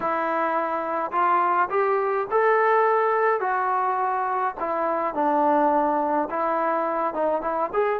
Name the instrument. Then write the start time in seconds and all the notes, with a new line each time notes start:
trombone
0.00 E4
1.11 F4
1.70 G4
2.30 A4
3.40 F#4
4.60 E4
5.14 D4
6.29 E4
7.14 D#4
7.41 E4
7.73 G#4